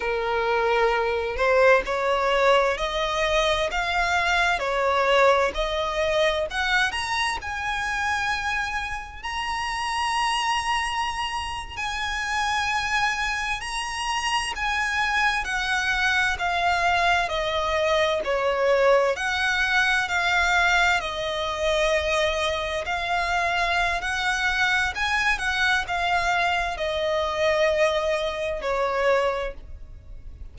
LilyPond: \new Staff \with { instrumentName = "violin" } { \time 4/4 \tempo 4 = 65 ais'4. c''8 cis''4 dis''4 | f''4 cis''4 dis''4 fis''8 ais''8 | gis''2 ais''2~ | ais''8. gis''2 ais''4 gis''16~ |
gis''8. fis''4 f''4 dis''4 cis''16~ | cis''8. fis''4 f''4 dis''4~ dis''16~ | dis''8. f''4~ f''16 fis''4 gis''8 fis''8 | f''4 dis''2 cis''4 | }